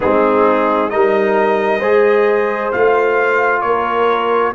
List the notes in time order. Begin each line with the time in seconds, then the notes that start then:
0.00 G#3 C4 D#4 G#4
0.89 G3 D#4 A#4 D#5
1.78 G#3 G#4 C5
2.71 A3 F4 F5
3.61 A#3 A#4 C#5